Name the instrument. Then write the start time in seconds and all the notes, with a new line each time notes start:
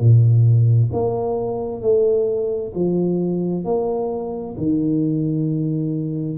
tuba
0.00 A#2
0.93 A#3
1.82 A3
2.75 F3
3.65 A#3
4.58 D#3